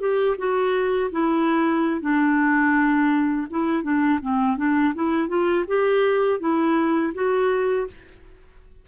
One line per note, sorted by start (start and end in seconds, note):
0.00 0.37 G4
0.38 1.11 F#4
1.12 2.02 E4
2.02 3.48 D4
3.51 3.83 E4
3.83 4.20 D4
4.22 4.58 C4
4.58 4.94 D4
4.95 5.29 E4
5.29 5.65 F4
5.68 6.40 G4
6.40 7.13 E4
7.14 7.88 F#4